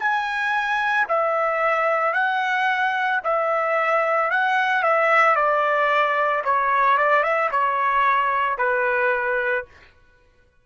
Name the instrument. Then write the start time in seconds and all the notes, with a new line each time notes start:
trumpet
0.00 G#5
1.09 E5
2.14 F#5
3.24 E5
4.31 F#5
4.83 E5
5.36 D5
6.45 C#5
6.98 D5
7.23 E5
7.51 C#5
8.58 B4